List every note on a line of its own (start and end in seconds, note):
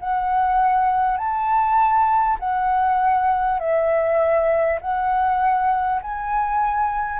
0.00 1.17 F#5
1.17 2.37 A5
2.39 3.59 F#5
3.59 4.79 E5
4.81 6.01 F#5
6.02 7.19 G#5